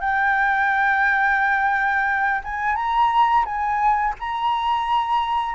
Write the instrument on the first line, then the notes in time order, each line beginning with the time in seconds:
flute
0.00 G5
2.44 G#5
2.76 A#5
3.45 G#5
4.20 A#5